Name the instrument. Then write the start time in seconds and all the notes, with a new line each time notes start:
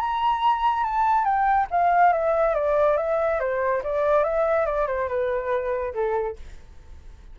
flute
0.00 A#5
0.84 A5
1.25 G5
1.71 F5
2.13 E5
2.55 D5
2.97 E5
3.40 C5
3.84 D5
4.24 E5
4.66 D5
4.87 C5
5.08 B4
5.94 A4